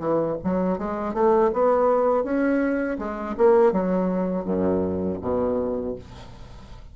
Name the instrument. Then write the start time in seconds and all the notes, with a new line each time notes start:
bassoon
0.00 E3
0.44 F#3
0.79 G#3
1.14 A3
1.54 B3
2.24 C#4
2.99 G#3
3.38 A#3
3.72 F#3
4.45 F#2
5.22 B2